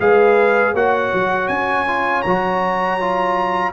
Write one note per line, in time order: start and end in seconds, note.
0.00 0.74 G#3
0.00 0.75 G#4
0.00 0.74 B4
0.00 0.75 F5
0.74 1.11 A#3
0.74 1.88 F#4
0.74 3.73 C#5
0.74 1.48 F#5
1.14 1.49 F#3
1.48 2.24 C#4
1.48 2.22 G#5
1.88 2.25 F4
2.22 3.73 F#3
2.22 3.01 F#4
2.22 3.72 A#5
3.01 3.73 F4